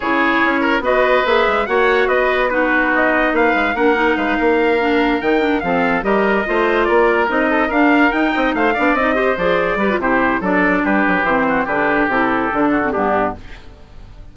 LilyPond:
<<
  \new Staff \with { instrumentName = "trumpet" } { \time 4/4 \tempo 4 = 144 cis''2 dis''4 e''4 | fis''4 dis''4 b'4 dis''4 | f''4 fis''4 f''2~ | f''8 g''4 f''4 dis''4.~ |
dis''8 d''4 dis''4 f''4 g''8~ | g''8 f''4 dis''4 d''4. | c''4 d''4 b'4 c''4 | b'4 a'2 g'4 | }
  \new Staff \with { instrumentName = "oboe" } { \time 4/4 gis'4. ais'8 b'2 | cis''4 b'4 fis'2 | b'4 ais'4 b'8 ais'4.~ | ais'4. a'4 ais'4 c''8~ |
c''8 ais'4. a'8 ais'4. | dis''8 c''8 d''4 c''4. b'8 | g'4 a'4 g'4. fis'8 | g'2~ g'8 fis'8 d'4 | }
  \new Staff \with { instrumentName = "clarinet" } { \time 4/4 e'2 fis'4 gis'4 | fis'2 dis'2~ | dis'4 d'8 dis'2 d'8~ | d'8 dis'8 d'8 c'4 g'4 f'8~ |
f'4. dis'4 d'4 dis'8~ | dis'4 d'8 dis'8 g'8 gis'4 g'16 f'16 | e'4 d'2 c'4 | d'4 e'4 d'8. c'16 b4 | }
  \new Staff \with { instrumentName = "bassoon" } { \time 4/4 cis4 cis'4 b4 ais8 gis8 | ais4 b2. | ais8 gis8 ais4 gis8 ais4.~ | ais8 dis4 f4 g4 a8~ |
a8 ais4 c'4 d'4 dis'8 | c'8 a8 b8 c'4 f4 g8 | c4 fis4 g8 fis8 e4 | d4 c4 d4 g,4 | }
>>